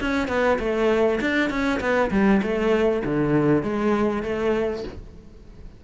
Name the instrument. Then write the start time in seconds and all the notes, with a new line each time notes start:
cello
0.00 C#4
0.28 B3
0.59 A3
1.21 D4
1.50 C#4
1.80 B3
2.10 G3
2.42 A3
3.04 D3
3.62 G#3
4.23 A3